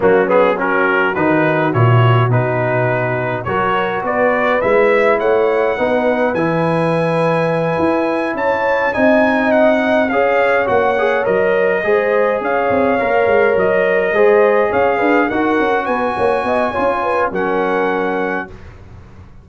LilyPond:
<<
  \new Staff \with { instrumentName = "trumpet" } { \time 4/4 \tempo 4 = 104 fis'8 gis'8 ais'4 b'4 cis''4 | b'2 cis''4 d''4 | e''4 fis''2 gis''4~ | gis''2~ gis''8 a''4 gis''8~ |
gis''8 fis''4 f''4 fis''4 dis''8~ | dis''4. f''2 dis''8~ | dis''4. f''4 fis''4 gis''8~ | gis''2 fis''2 | }
  \new Staff \with { instrumentName = "horn" } { \time 4/4 cis'4 fis'2.~ | fis'2 ais'4 b'4~ | b'4 cis''4 b'2~ | b'2~ b'8 cis''4 dis''8~ |
dis''4. cis''2~ cis''8~ | cis''8 c''4 cis''2~ cis''8~ | cis''8 c''4 cis''8 b'8 ais'4 b'8 | cis''8 dis''8 cis''8 b'8 ais'2 | }
  \new Staff \with { instrumentName = "trombone" } { \time 4/4 ais8 b8 cis'4 dis'4 e'4 | dis'2 fis'2 | e'2 dis'4 e'4~ | e'2.~ e'8 dis'8~ |
dis'4. gis'4 fis'8 gis'8 ais'8~ | ais'8 gis'2 ais'4.~ | ais'8 gis'2 fis'4.~ | fis'4 f'4 cis'2 | }
  \new Staff \with { instrumentName = "tuba" } { \time 4/4 fis2 dis4 ais,4 | b,2 fis4 b4 | gis4 a4 b4 e4~ | e4. e'4 cis'4 c'8~ |
c'4. cis'4 ais4 fis8~ | fis8 gis4 cis'8 c'8 ais8 gis8 fis8~ | fis8 gis4 cis'8 d'8 dis'8 cis'8 b8 | ais8 b8 cis'4 fis2 | }
>>